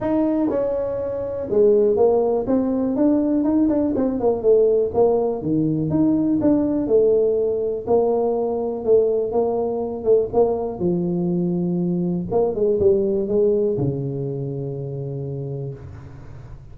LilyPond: \new Staff \with { instrumentName = "tuba" } { \time 4/4 \tempo 4 = 122 dis'4 cis'2 gis4 | ais4 c'4 d'4 dis'8 d'8 | c'8 ais8 a4 ais4 dis4 | dis'4 d'4 a2 |
ais2 a4 ais4~ | ais8 a8 ais4 f2~ | f4 ais8 gis8 g4 gis4 | cis1 | }